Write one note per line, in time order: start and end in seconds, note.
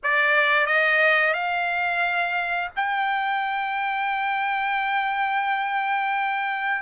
0.03 0.66 D5
0.66 1.33 D#5
1.33 2.70 F5
2.76 6.82 G5